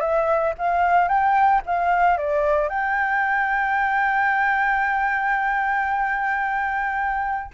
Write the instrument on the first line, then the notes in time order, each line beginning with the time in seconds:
flute
0.00 E5
0.58 F5
1.08 G5
1.66 F5
2.17 D5
2.69 G5